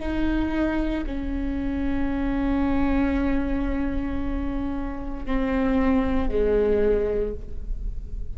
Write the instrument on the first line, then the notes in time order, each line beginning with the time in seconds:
viola
0.00 D#4
1.07 C#4
5.26 C4
6.29 G#3